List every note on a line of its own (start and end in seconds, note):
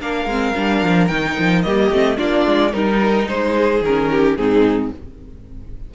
0.00 0.25 A#3
0.00 0.27 D4
0.00 1.65 A#4
0.00 1.07 F5
0.25 0.52 G#3
0.25 0.55 C4
0.55 0.82 G3
0.55 1.09 D4
0.82 1.10 F3
1.07 1.37 D#3
1.07 1.64 D#4
1.07 1.61 G5
1.38 1.65 F3
1.62 1.90 G3
1.62 1.91 A#3
1.62 2.17 G4
1.62 2.17 D#5
1.90 2.18 A3
1.90 2.17 C4
2.17 2.46 A#3
2.17 2.71 D4
2.17 2.72 F4
2.17 2.73 D5
2.46 2.73 G#3
2.72 3.28 G3
2.72 3.82 D#4
2.72 3.57 D#4
2.72 3.27 A#4
3.28 3.81 G#3
3.28 3.82 C5
3.57 4.11 G#4
3.81 4.36 D#3
3.81 4.37 C#4
3.81 4.36 A#4
4.11 4.38 G4
4.36 4.91 G#2
4.36 4.92 C4
4.36 4.94 D#4
4.36 4.90 G#4